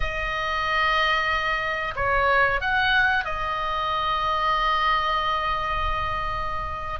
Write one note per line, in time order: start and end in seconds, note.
0.00 1.94 D#5
1.95 2.60 C#5
2.60 3.24 F#5
3.24 7.00 D#5